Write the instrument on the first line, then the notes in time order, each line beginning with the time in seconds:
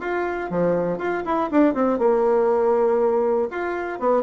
bassoon
0.00 F4
0.50 F3
0.98 F4
1.25 E4
1.51 D4
1.74 C4
1.99 A#3
3.51 F4
3.99 B3